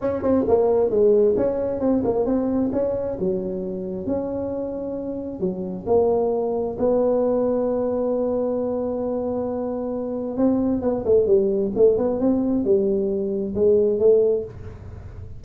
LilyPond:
\new Staff \with { instrumentName = "tuba" } { \time 4/4 \tempo 4 = 133 cis'8 c'8 ais4 gis4 cis'4 | c'8 ais8 c'4 cis'4 fis4~ | fis4 cis'2. | fis4 ais2 b4~ |
b1~ | b2. c'4 | b8 a8 g4 a8 b8 c'4 | g2 gis4 a4 | }